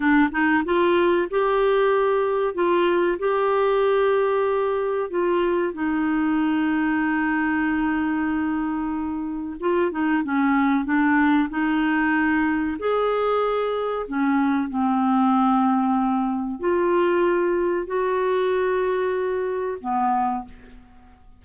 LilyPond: \new Staff \with { instrumentName = "clarinet" } { \time 4/4 \tempo 4 = 94 d'8 dis'8 f'4 g'2 | f'4 g'2. | f'4 dis'2.~ | dis'2. f'8 dis'8 |
cis'4 d'4 dis'2 | gis'2 cis'4 c'4~ | c'2 f'2 | fis'2. b4 | }